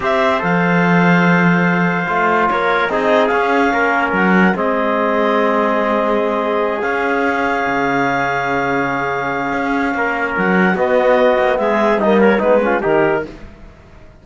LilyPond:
<<
  \new Staff \with { instrumentName = "clarinet" } { \time 4/4 \tempo 4 = 145 e''4 f''2.~ | f''2 cis''4 dis''4 | f''2 fis''4 dis''4~ | dis''1~ |
dis''8 f''2.~ f''8~ | f''1~ | f''4 fis''4 dis''2 | e''4 dis''8 cis''8 b'4 ais'4 | }
  \new Staff \with { instrumentName = "trumpet" } { \time 4/4 c''1~ | c''2 ais'4 gis'4~ | gis'4 ais'2 gis'4~ | gis'1~ |
gis'1~ | gis'1 | ais'2 fis'2 | gis'4 dis'8 ais'8 dis'8 f'8 g'4 | }
  \new Staff \with { instrumentName = "trombone" } { \time 4/4 g'4 a'2.~ | a'4 f'2 dis'4 | cis'2. c'4~ | c'1~ |
c'8 cis'2.~ cis'8~ | cis'1~ | cis'2 b2~ | b4 ais4 b8 cis'8 dis'4 | }
  \new Staff \with { instrumentName = "cello" } { \time 4/4 c'4 f2.~ | f4 a4 ais4 c'4 | cis'4 ais4 fis4 gis4~ | gis1~ |
gis8 cis'2 cis4.~ | cis2. cis'4 | ais4 fis4 b4. ais8 | gis4 g4 gis4 dis4 | }
>>